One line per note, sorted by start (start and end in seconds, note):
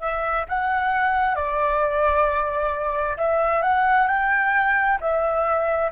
0.00 0.45 E5
0.49 1.36 F#5
1.36 3.17 D5
3.18 3.62 E5
3.62 4.08 F#5
4.08 4.99 G5
5.01 5.92 E5